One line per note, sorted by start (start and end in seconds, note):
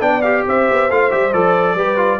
0.00 0.44 B3
0.00 0.22 D4
0.00 0.45 D5
0.00 0.22 G5
0.22 0.90 G4
0.22 0.44 F5
0.47 0.69 C4
0.47 1.76 C5
0.47 0.91 E5
0.71 0.90 B3
0.90 1.11 A3
0.90 1.10 F4
0.90 1.11 F5
1.10 1.34 G3
1.10 1.32 G4
1.10 1.33 E5
1.33 1.75 F3
1.33 1.77 A4
1.33 2.20 D5
1.75 2.19 G3
1.75 1.97 G4
1.75 2.20 B4
1.97 2.19 F4